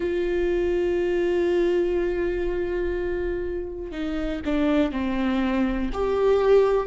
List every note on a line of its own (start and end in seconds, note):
0.00 3.91 F4
3.91 4.40 D#4
4.45 4.91 D4
4.91 5.90 C4
5.93 6.86 G4